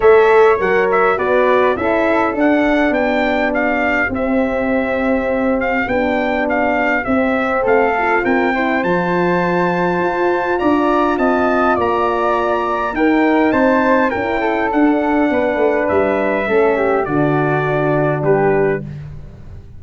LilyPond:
<<
  \new Staff \with { instrumentName = "trumpet" } { \time 4/4 \tempo 4 = 102 e''4 fis''8 e''8 d''4 e''4 | fis''4 g''4 f''4 e''4~ | e''4. f''8 g''4 f''4 | e''4 f''4 g''4 a''4~ |
a''2 ais''4 a''4 | ais''2 g''4 a''4 | g''4 fis''2 e''4~ | e''4 d''2 b'4 | }
  \new Staff \with { instrumentName = "flute" } { \time 4/4 cis''2 b'4 a'4~ | a'4 g'2.~ | g'1~ | g'4 a'4 ais'8 c''4.~ |
c''2 d''4 dis''4 | d''2 ais'4 c''4 | ais'8 a'4. b'2 | a'8 g'8 fis'2 g'4 | }
  \new Staff \with { instrumentName = "horn" } { \time 4/4 a'4 ais'4 fis'4 e'4 | d'2. c'4~ | c'2 d'2 | c'4. f'4 e'8 f'4~ |
f'1~ | f'2 dis'2 | e'4 d'2. | cis'4 d'2. | }
  \new Staff \with { instrumentName = "tuba" } { \time 4/4 a4 fis4 b4 cis'4 | d'4 b2 c'4~ | c'2 b2 | c'4 a4 c'4 f4~ |
f4 f'4 d'4 c'4 | ais2 dis'4 c'4 | cis'4 d'4 b8 a8 g4 | a4 d2 g4 | }
>>